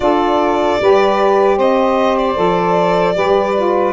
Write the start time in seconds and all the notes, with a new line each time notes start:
0.00 D4 F4 A4 D5
0.81 G3 G4 B4
1.56 C4 C5 D#5
2.17 D5
2.35 F3 A4
3.14 G3 G4 B4
3.56 F4